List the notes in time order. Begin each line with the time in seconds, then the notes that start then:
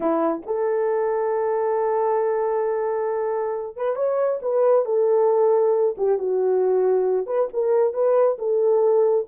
0.00 E4
0.46 A4
3.76 B4
3.95 C#5
4.42 B4
4.85 A4
5.97 G4
6.18 F#4
7.26 B4
7.53 A#4
7.93 B4
8.38 A4